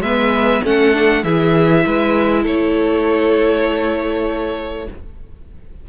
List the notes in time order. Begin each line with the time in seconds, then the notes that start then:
0.00 G#3 B3 B4 E5
0.64 A3 C#4 A4 F#5
0.94 D4
1.23 E3 E4 G#4 E5
1.85 G#3 B4
2.42 A3 A4 C#5